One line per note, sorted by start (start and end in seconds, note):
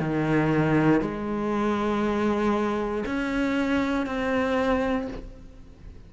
0.00 1.01 D#3
1.01 3.05 G#3
3.06 4.06 C#4
4.06 5.08 C4